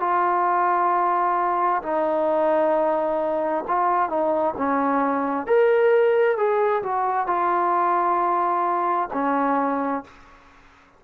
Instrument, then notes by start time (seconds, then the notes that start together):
trombone
0.00 F4
1.82 D#4
3.67 F4
4.09 D#4
4.57 C#4
5.47 A#4
6.37 G#4
6.83 F#4
7.26 F4
9.13 C#4